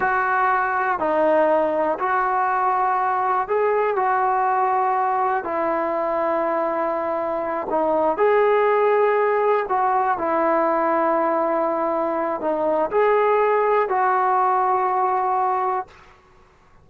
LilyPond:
\new Staff \with { instrumentName = "trombone" } { \time 4/4 \tempo 4 = 121 fis'2 dis'2 | fis'2. gis'4 | fis'2. e'4~ | e'2.~ e'8 dis'8~ |
dis'8 gis'2. fis'8~ | fis'8 e'2.~ e'8~ | e'4 dis'4 gis'2 | fis'1 | }